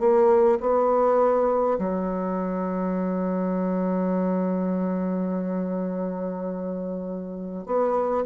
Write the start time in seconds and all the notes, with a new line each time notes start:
0.00 A#3
0.60 B3
1.79 F#3
7.66 B3